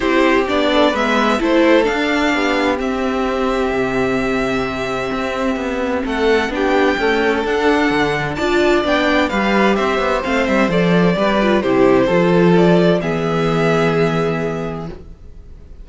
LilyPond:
<<
  \new Staff \with { instrumentName = "violin" } { \time 4/4 \tempo 4 = 129 c''4 d''4 e''4 c''4 | f''2 e''2~ | e''1~ | e''4 fis''4 g''2 |
fis''2 a''4 g''4 | f''4 e''4 f''8 e''8 d''4~ | d''4 c''2 d''4 | e''1 | }
  \new Staff \with { instrumentName = "violin" } { \time 4/4 g'4. a'8 b'4 a'4~ | a'4 g'2.~ | g'1~ | g'4 a'4 g'4 a'4~ |
a'2 d''2 | b'4 c''2. | b'4 g'4 a'2 | gis'1 | }
  \new Staff \with { instrumentName = "viola" } { \time 4/4 e'4 d'4 b4 e'4 | d'2 c'2~ | c'1~ | c'2 d'4 a4 |
d'2 f'4 d'4 | g'2 c'4 a'4 | g'8 f'8 e'4 f'2 | b1 | }
  \new Staff \with { instrumentName = "cello" } { \time 4/4 c'4 b4 gis4 a4 | d'4 b4 c'2 | c2. c'4 | b4 a4 b4 cis'4 |
d'4 d4 d'4 b4 | g4 c'8 b8 a8 g8 f4 | g4 c4 f2 | e1 | }
>>